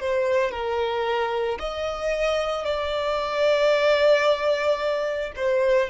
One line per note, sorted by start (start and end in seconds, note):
0.00 0.52 C5
0.52 1.59 A#4
1.59 2.65 D#5
2.65 5.33 D5
5.36 5.90 C5